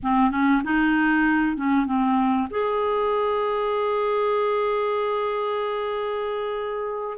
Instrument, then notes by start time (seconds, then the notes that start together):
clarinet
0.03 C4
0.30 C#4
0.64 D#4
1.57 C#4
1.86 C4
2.50 G#4